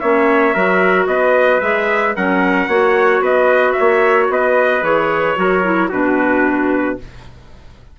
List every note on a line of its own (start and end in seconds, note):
0.00 0.55 A#3
0.00 0.55 C#4
0.00 0.55 C#5
0.00 1.07 E5
0.55 1.07 F#3
0.55 1.62 F#4
0.55 1.08 A#4
1.07 1.60 B3
1.07 2.17 B4
1.07 1.61 D#5
1.61 2.16 G#3
1.61 2.15 G#4
1.61 2.15 E5
2.17 2.68 F#3
2.17 2.70 C#4
2.17 2.69 A#4
2.17 3.24 F#5
2.68 3.21 A#3
2.68 4.83 F#4
2.68 3.22 C#5
3.21 3.74 B3
3.21 3.76 B4
3.21 3.73 D#5
3.73 4.26 E5
3.79 4.29 A#3
3.79 4.33 C#5
4.29 4.83 B3
4.29 5.40 B4
4.29 4.84 D#5
4.83 5.36 E3
4.83 5.36 G#4
4.83 5.92 C#5
5.36 5.91 F#3
5.36 5.63 F#4
5.36 5.89 A#4
5.64 5.91 E4
5.89 6.99 B2
5.89 6.99 D4
5.89 6.97 F#4
5.89 6.99 B4